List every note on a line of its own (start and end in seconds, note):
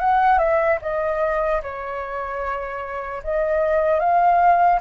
0.00 0.39 F#5
0.39 0.79 E5
0.82 1.62 D#5
1.63 3.23 C#5
3.24 4.00 D#5
4.00 4.80 F5